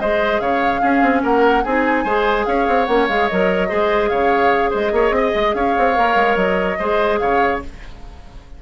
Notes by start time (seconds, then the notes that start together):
0.00 G#3 G#4 C5 D#5
0.40 C#3 C#5 F5
0.81 C#4 G#4
1.02 C4
1.23 A#3 A#4 F#5
1.64 C4 D#4 G#4 G#5
2.04 G#3 G#4 C5
2.46 C#4 C#5 F5
2.68 C4
2.85 A#3 C#4 F#5
3.08 G#3 G#4 F5
3.28 F#3 A#4 D#5
3.68 G#3 G#4 C5
4.09 C#3 C#5 F5
4.70 G#3 C5 D#5
4.92 A#3 C#5
5.11 C4 D#5
5.35 G#3
5.54 C#4 C#5 F5
5.78 C4
5.95 A#3 A#4
6.15 G#3
6.36 F#3 D#5
6.79 G#3 G#4 C5
7.19 C#3 C#5 F5